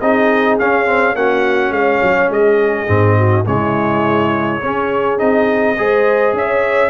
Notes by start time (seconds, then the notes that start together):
0.00 C4 D#4 G#4 D#5
0.59 C#4 F5
0.86 C4
1.15 A#3 C#4 F#4 F#5
1.70 G#3 C#5 F5
2.02 F#3
2.29 G#3 G#4 D#5
2.87 G#2 C4
3.17 F#4
3.46 C#3 G#3 E4 C#5
4.61 C#4 G#4
5.18 C4 D#4 D#5
5.78 G#3 G#4 C5
6.33 C#4 C#5 E5